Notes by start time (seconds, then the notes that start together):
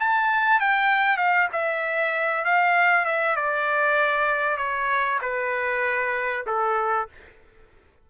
0.00 A5
0.60 G5
1.18 F5
1.53 E5
2.45 F5
3.06 E5
3.36 D5
4.58 C#5
5.22 B4
6.47 A4